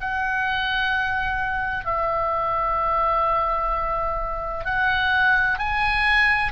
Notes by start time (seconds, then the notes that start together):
0.00 F#5
1.85 E5
4.65 F#5
5.58 G#5